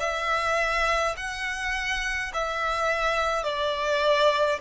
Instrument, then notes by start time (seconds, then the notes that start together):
violin
0.00 E5
1.17 F#5
2.34 E5
3.44 D5